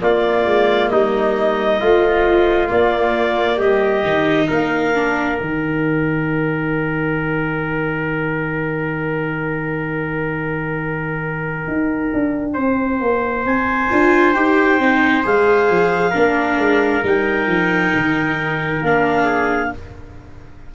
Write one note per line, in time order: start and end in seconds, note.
0.00 1.79 A#3
0.00 0.45 A#3
0.00 0.92 F4
0.00 0.89 D5
0.45 0.90 G#3
0.89 1.80 G3
0.89 1.80 D#4
0.89 2.68 D#5
1.80 2.68 F3
1.80 2.70 A3
1.80 3.57 F4
2.68 4.02 A#3
2.68 3.58 A#3
2.68 3.59 D5
3.57 4.03 G3
3.57 4.46 G4
3.57 4.49 D#5
4.03 4.48 D#3
4.03 4.94 D#4
4.48 5.40 A#3
4.48 12.53 A#4
4.48 5.37 F5
4.94 5.38 D4
5.37 11.67 D#3
5.37 13.89 D#4
5.37 13.43 G5
11.67 12.12 D#4
12.13 12.57 D4
12.53 13.00 C4
12.53 16.10 C5
13.00 13.45 A#3
13.45 13.90 C4
13.45 14.33 G#5
13.90 14.35 D4
13.90 14.34 F4
14.33 14.79 D#4
14.33 14.79 G4
14.33 15.23 G5
14.79 15.24 C4
14.79 15.23 D#4
15.23 15.69 G#3
15.23 16.13 G#4
15.23 17.05 F5
15.69 16.14 F3
16.10 16.58 A#3
16.10 17.03 D4
16.10 19.24 A#4
16.58 17.03 G#3
17.03 17.47 G3
17.03 18.83 D#4
17.03 18.84 G5
17.47 17.91 F3
17.95 18.81 D#3
18.81 19.71 A#3
18.81 19.74 D4
18.81 19.73 F5
19.24 19.69 G#4